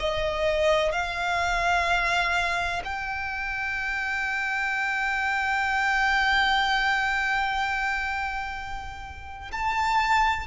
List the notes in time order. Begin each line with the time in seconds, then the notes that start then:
0.00 D#5
0.93 F5
2.85 G5
9.52 A5